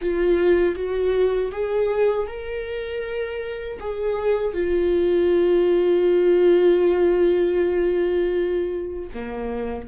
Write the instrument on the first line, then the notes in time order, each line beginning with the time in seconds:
viola
0.01 F4
0.75 F#4
1.51 G#4
2.27 A#4
3.80 G#4
4.53 F4
9.13 A#3